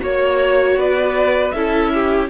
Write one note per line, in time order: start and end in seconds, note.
0.00 0.76 A#3
0.00 1.52 F#4
0.00 0.77 C#5
0.00 0.79 C#5
0.76 1.52 B3
0.76 1.54 B4
0.76 1.51 D5
1.51 2.29 C#4
1.51 2.29 E4
1.51 1.92 A4
1.51 2.27 E5
1.93 2.29 G4